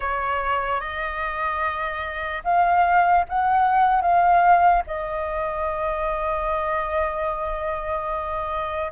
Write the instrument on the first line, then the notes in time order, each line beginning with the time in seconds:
flute
0.00 C#5
0.80 D#5
2.44 F5
3.28 F#5
4.01 F5
4.86 D#5